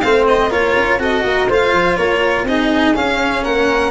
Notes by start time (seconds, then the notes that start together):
0.00 A3 C4 C5 F5
0.28 D#5
0.50 A#3 F4 A#4 C#5
0.76 C#4
0.98 C4 F#4 A4 D#5
1.23 A#3 A#4
1.48 A3 F4 C5 F5
1.72 F3
1.96 A#3 A#4 C#5
2.43 C4 D#4 G#4 D#5
2.95 C#4 F5
3.43 A#3 A#4 F#5